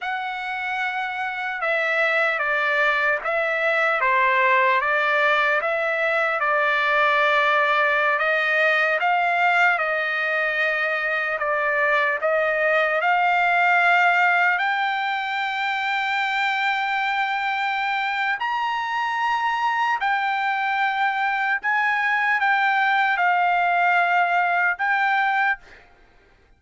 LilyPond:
\new Staff \with { instrumentName = "trumpet" } { \time 4/4 \tempo 4 = 75 fis''2 e''4 d''4 | e''4 c''4 d''4 e''4 | d''2~ d''16 dis''4 f''8.~ | f''16 dis''2 d''4 dis''8.~ |
dis''16 f''2 g''4.~ g''16~ | g''2. ais''4~ | ais''4 g''2 gis''4 | g''4 f''2 g''4 | }